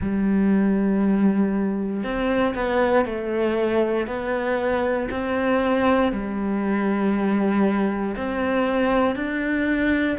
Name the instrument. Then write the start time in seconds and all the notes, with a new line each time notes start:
cello
0.01 G3
2.03 C4
2.54 B3
3.05 A3
4.07 B3
5.10 C4
6.12 G3
8.16 C4
9.15 D4